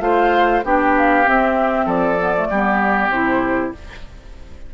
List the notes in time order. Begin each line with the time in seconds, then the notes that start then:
0.00 A3 F4 C5 F5
0.64 B3 D4 G4 G5
0.97 F5
1.25 C4 E5
1.85 F3 A4 D5
2.19 B3
2.36 A3
2.50 G3 B3 G4
3.09 C3 E4 C5